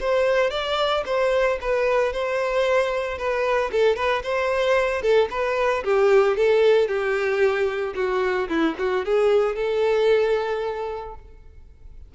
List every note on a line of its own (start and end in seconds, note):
0.00 0.50 C5
0.50 1.03 D5
1.05 1.59 C5
1.61 2.13 B4
2.13 3.18 C5
3.18 3.71 B4
3.72 3.96 A4
3.96 4.22 B4
4.23 5.02 C5
5.02 5.28 A4
5.30 5.83 B4
5.84 6.37 G4
6.37 6.88 A4
6.88 7.94 G4
7.95 8.48 F#4
8.49 8.75 E4
8.78 9.05 F#4
9.05 9.56 G#4
9.56 11.15 A4